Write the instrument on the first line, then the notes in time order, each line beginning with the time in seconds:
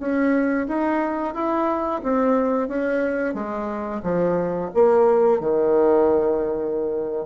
bassoon
0.00 C#4
0.68 D#4
1.35 E4
2.03 C4
2.69 C#4
3.35 G#3
4.04 F3
4.75 A#3
5.41 D#3